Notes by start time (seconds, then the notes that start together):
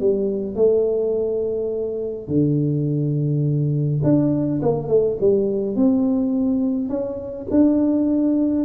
0.00 G3
0.55 A3
2.28 D3
4.03 D4
4.62 A#3
4.88 A3
5.20 G3
5.75 C4
6.89 C#4
7.50 D4